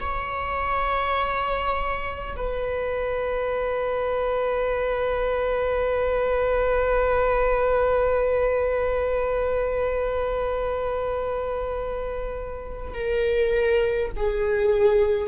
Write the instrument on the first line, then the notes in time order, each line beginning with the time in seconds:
viola
0.00 C#5
2.36 B4
12.94 A#4
14.16 G#4